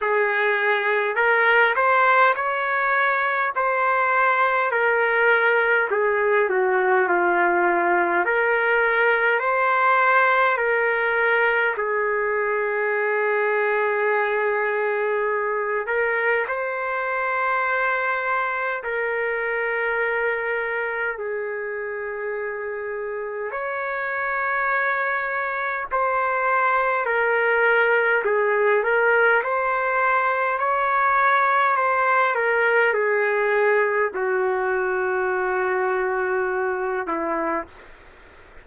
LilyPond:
\new Staff \with { instrumentName = "trumpet" } { \time 4/4 \tempo 4 = 51 gis'4 ais'8 c''8 cis''4 c''4 | ais'4 gis'8 fis'8 f'4 ais'4 | c''4 ais'4 gis'2~ | gis'4. ais'8 c''2 |
ais'2 gis'2 | cis''2 c''4 ais'4 | gis'8 ais'8 c''4 cis''4 c''8 ais'8 | gis'4 fis'2~ fis'8 e'8 | }